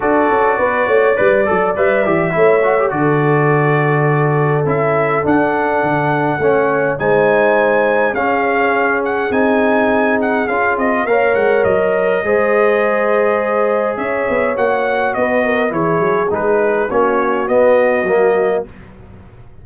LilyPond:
<<
  \new Staff \with { instrumentName = "trumpet" } { \time 4/4 \tempo 4 = 103 d''2. e''4~ | e''4 d''2. | e''4 fis''2. | gis''2 f''4. fis''8 |
gis''4. fis''8 f''8 dis''8 f''8 fis''8 | dis''1 | e''4 fis''4 dis''4 cis''4 | b'4 cis''4 dis''2 | }
  \new Staff \with { instrumentName = "horn" } { \time 4/4 a'4 b'8 cis''8 d''2 | cis''4 a'2.~ | a'2. cis''4 | c''2 gis'2~ |
gis'2. cis''4~ | cis''4 c''2. | cis''2 b'8 ais'8 gis'4~ | gis'4 fis'2. | }
  \new Staff \with { instrumentName = "trombone" } { \time 4/4 fis'2 b'8 a'8 b'8 g'8 | e'8 fis'16 g'16 fis'2. | e'4 d'2 cis'4 | dis'2 cis'2 |
dis'2 f'4 ais'4~ | ais'4 gis'2.~ | gis'4 fis'2 e'4 | dis'4 cis'4 b4 ais4 | }
  \new Staff \with { instrumentName = "tuba" } { \time 4/4 d'8 cis'8 b8 a8 g8 fis8 g8 e8 | a4 d2. | cis'4 d'4 d4 a4 | gis2 cis'2 |
c'2 cis'8 c'8 ais8 gis8 | fis4 gis2. | cis'8 b8 ais4 b4 e8 fis8 | gis4 ais4 b4 fis4 | }
>>